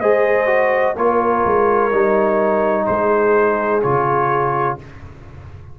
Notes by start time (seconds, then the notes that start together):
0.00 G#3 G#4 C5 D#5
0.47 F#4
0.96 A#3 F4 A#4 C#5
1.45 G#3
1.92 G3 D#4
2.85 G#3 G#4 C5
3.82 C#3 F4 C#5